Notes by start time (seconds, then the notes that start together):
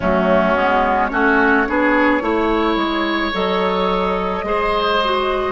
0.00 F#3 A3 C#4 F#4
0.55 G#3 B3
1.08 A3 C#4 F#4 C#5
1.67 B3 D4 G#4
2.21 A3 E4 C#5
2.76 G#3
3.33 F#3 A4 D#5
4.43 G#3 G#4 C5
5.04 F#4